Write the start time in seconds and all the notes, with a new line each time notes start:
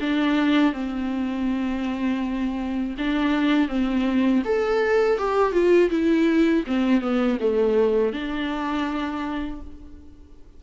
0.00 D4
0.73 C4
2.98 D4
3.69 C4
4.45 A4
5.18 G4
5.53 F4
5.90 E4
6.67 C4
7.01 B3
7.40 A3
8.13 D4